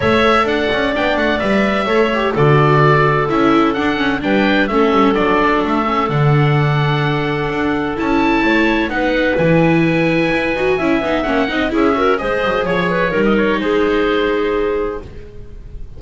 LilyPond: <<
  \new Staff \with { instrumentName = "oboe" } { \time 4/4 \tempo 4 = 128 e''4 fis''4 g''8 fis''8 e''4~ | e''4 d''2 e''4 | fis''4 g''4 e''4 d''4 | e''4 fis''2.~ |
fis''4 a''2 fis''4 | gis''1 | fis''4 e''4 dis''4 cis''4~ | cis''16 dis''16 cis''8 c''2. | }
  \new Staff \with { instrumentName = "clarinet" } { \time 4/4 cis''4 d''2. | cis''4 a'2.~ | a'4 b'4 a'2~ | a'1~ |
a'2 cis''4 b'4~ | b'2. e''4~ | e''8 dis''8 gis'8 ais'8 c''4 cis''8 b'8 | ais'4 gis'2. | }
  \new Staff \with { instrumentName = "viola" } { \time 4/4 a'2 d'4 b'4 | a'8 g'8 fis'2 e'4 | d'8 cis'8 d'4 cis'4 d'4~ | d'8 cis'8 d'2.~ |
d'4 e'2 dis'4 | e'2~ e'8 fis'8 e'8 dis'8 | cis'8 dis'8 e'8 fis'8 gis'2 | dis'1 | }
  \new Staff \with { instrumentName = "double bass" } { \time 4/4 a4 d'8 cis'8 b8 a8 g4 | a4 d2 cis'4 | d'4 g4 a8 g8 fis4 | a4 d2. |
d'4 cis'4 a4 b4 | e2 e'8 dis'8 cis'8 b8 | ais8 c'8 cis'4 gis8 fis8 f4 | g4 gis2. | }
>>